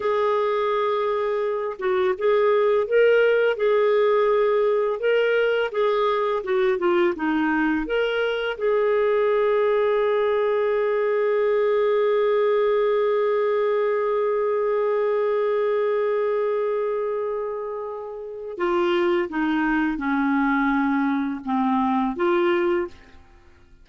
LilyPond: \new Staff \with { instrumentName = "clarinet" } { \time 4/4 \tempo 4 = 84 gis'2~ gis'8 fis'8 gis'4 | ais'4 gis'2 ais'4 | gis'4 fis'8 f'8 dis'4 ais'4 | gis'1~ |
gis'1~ | gis'1~ | gis'2 f'4 dis'4 | cis'2 c'4 f'4 | }